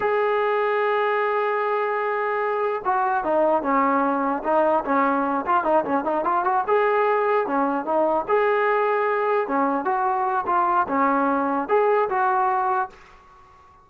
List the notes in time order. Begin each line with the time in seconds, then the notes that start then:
0.00 G#4
2.84 F#4
3.23 D#4
3.62 C#4
4.43 D#4
4.84 C#4
5.46 F4
5.64 D#4
5.85 C#4
6.04 D#4
6.24 F4
6.44 F#4
6.67 G#4
7.46 C#4
7.85 D#4
8.28 G#4
9.47 C#4
9.84 F#4
10.46 F4
10.88 C#4
11.68 G#4
12.09 F#4